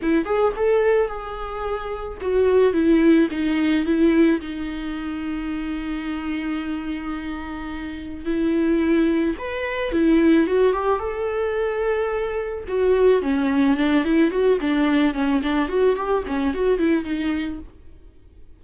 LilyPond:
\new Staff \with { instrumentName = "viola" } { \time 4/4 \tempo 4 = 109 e'8 gis'8 a'4 gis'2 | fis'4 e'4 dis'4 e'4 | dis'1~ | dis'2. e'4~ |
e'4 b'4 e'4 fis'8 g'8 | a'2. fis'4 | cis'4 d'8 e'8 fis'8 d'4 cis'8 | d'8 fis'8 g'8 cis'8 fis'8 e'8 dis'4 | }